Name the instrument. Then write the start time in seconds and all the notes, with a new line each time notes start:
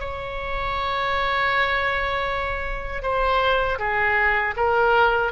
oboe
0.00 C#5
3.03 C5
3.79 G#4
4.57 A#4